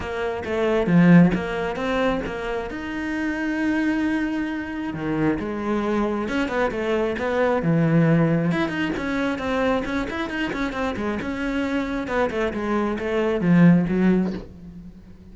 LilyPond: \new Staff \with { instrumentName = "cello" } { \time 4/4 \tempo 4 = 134 ais4 a4 f4 ais4 | c'4 ais4 dis'2~ | dis'2. dis4 | gis2 cis'8 b8 a4 |
b4 e2 e'8 dis'8 | cis'4 c'4 cis'8 e'8 dis'8 cis'8 | c'8 gis8 cis'2 b8 a8 | gis4 a4 f4 fis4 | }